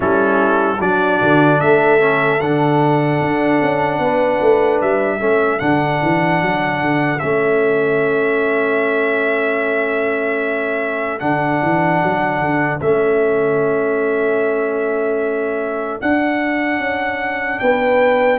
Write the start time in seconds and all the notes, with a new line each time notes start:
0.00 G3 C#4 E4 A4
0.80 F#3 D4 F#4 D5
1.21 D3
1.60 A3 A4 E5
1.99 C#4
2.40 D3 D4 F#5
3.20 D4
3.62 C#4
3.99 B3 B4
4.41 A3
4.81 G3 E5
5.18 A3 C#4 A4
5.59 D3 D4 F#5
6.02 E3
6.42 F#3
6.81 D3
7.19 A3 C#4 E5
11.19 D3 D4 F#5
11.62 E3
12.03 F#3
12.40 D3
12.80 A3 C#4 E5
16.00 D4 F#5
16.79 C#4
17.59 B3 B4 G5